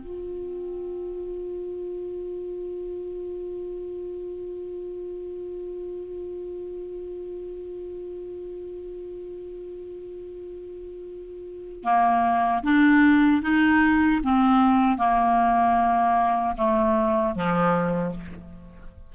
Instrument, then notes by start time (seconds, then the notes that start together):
clarinet
0.00 F4
11.84 A#3
12.64 D4
13.42 D#4
14.23 C4
14.98 A#3
16.57 A3
17.35 F3